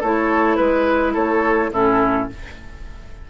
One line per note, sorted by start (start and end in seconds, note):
0.00 0.58 A3
0.00 1.72 E4
0.00 0.56 A4
0.00 0.55 C#5
0.55 1.15 G#3
0.55 1.12 B4
0.55 1.13 B4
1.13 1.71 A3
1.13 1.70 A4
1.13 1.71 C#5
1.71 2.28 A2
1.71 2.29 C#4
1.71 2.29 E4
1.71 2.30 A4